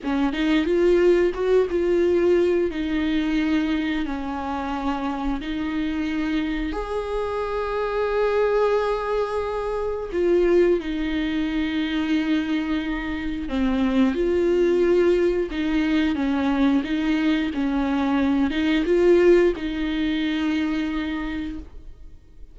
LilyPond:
\new Staff \with { instrumentName = "viola" } { \time 4/4 \tempo 4 = 89 cis'8 dis'8 f'4 fis'8 f'4. | dis'2 cis'2 | dis'2 gis'2~ | gis'2. f'4 |
dis'1 | c'4 f'2 dis'4 | cis'4 dis'4 cis'4. dis'8 | f'4 dis'2. | }